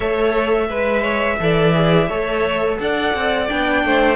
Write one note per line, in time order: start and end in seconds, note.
0.00 0.69 A3
0.00 0.68 A4
0.00 0.67 C#5
0.00 2.75 E5
0.68 1.39 G#3
0.68 1.38 B4
0.68 1.01 B4
1.01 1.36 C#5
1.39 2.08 E3
1.39 1.74 A4
1.39 2.08 D5
1.74 2.09 G#4
2.08 2.78 A3
2.08 3.48 A4
2.08 2.78 C#5
2.79 3.14 D4
2.79 3.86 D5
2.79 3.49 F#5
3.14 3.49 C4
3.48 3.84 B3
3.48 4.16 D4
3.48 4.16 G5
3.84 4.16 A3
3.84 4.16 C5